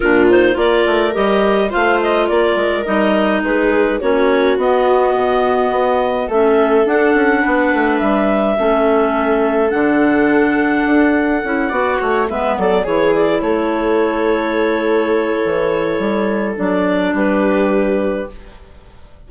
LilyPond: <<
  \new Staff \with { instrumentName = "clarinet" } { \time 4/4 \tempo 4 = 105 ais'8 c''8 d''4 dis''4 f''8 dis''8 | d''4 dis''4 b'4 cis''4 | dis''2. e''4 | fis''2 e''2~ |
e''4 fis''2.~ | fis''4. e''8 d''8 cis''8 d''8 cis''8~ | cis''1~ | cis''4 d''4 b'2 | }
  \new Staff \with { instrumentName = "viola" } { \time 4/4 f'4 ais'2 c''4 | ais'2 gis'4 fis'4~ | fis'2. a'4~ | a'4 b'2 a'4~ |
a'1~ | a'8 d''8 cis''8 b'8 a'8 gis'4 a'8~ | a'1~ | a'2 g'2 | }
  \new Staff \with { instrumentName = "clarinet" } { \time 4/4 d'8 dis'8 f'4 g'4 f'4~ | f'4 dis'2 cis'4 | b2. cis'4 | d'2. cis'4~ |
cis'4 d'2. | e'8 fis'4 b4 e'4.~ | e'1~ | e'4 d'2. | }
  \new Staff \with { instrumentName = "bassoon" } { \time 4/4 ais,4 ais8 a8 g4 a4 | ais8 gis8 g4 gis4 ais4 | b4 b,4 b4 a4 | d'8 cis'8 b8 a8 g4 a4~ |
a4 d2 d'4 | cis'8 b8 a8 gis8 fis8 e4 a8~ | a2. e4 | g4 fis4 g2 | }
>>